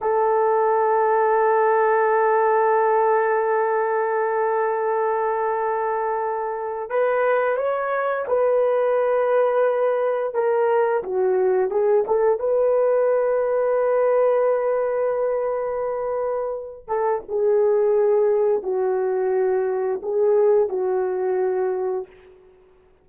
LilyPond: \new Staff \with { instrumentName = "horn" } { \time 4/4 \tempo 4 = 87 a'1~ | a'1~ | a'2 b'4 cis''4 | b'2. ais'4 |
fis'4 gis'8 a'8 b'2~ | b'1~ | b'8 a'8 gis'2 fis'4~ | fis'4 gis'4 fis'2 | }